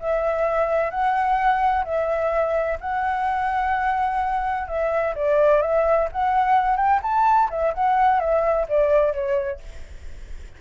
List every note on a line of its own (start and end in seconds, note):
0.00 0.91 E5
0.91 1.85 F#5
1.85 2.79 E5
2.81 4.68 F#5
4.68 5.15 E5
5.15 5.62 D5
5.62 6.09 E5
6.12 6.77 F#5
6.77 7.00 G5
7.03 7.50 A5
7.50 7.74 E5
7.75 8.20 F#5
8.20 8.67 E5
8.68 9.13 D5
9.13 9.60 C#5